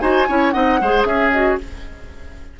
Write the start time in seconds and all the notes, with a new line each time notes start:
0.00 D#4 F#4 C5 G#5
0.28 C#4 E4 C#5
0.51 C4 D#4 D#5 F#5
0.81 G#3 G#4 C5
1.05 C#4 G#4 E5
1.32 F#4 D#5